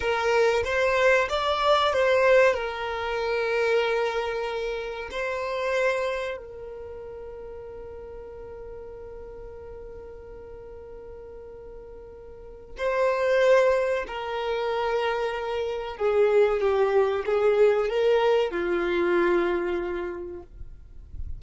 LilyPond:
\new Staff \with { instrumentName = "violin" } { \time 4/4 \tempo 4 = 94 ais'4 c''4 d''4 c''4 | ais'1 | c''2 ais'2~ | ais'1~ |
ais'1 | c''2 ais'2~ | ais'4 gis'4 g'4 gis'4 | ais'4 f'2. | }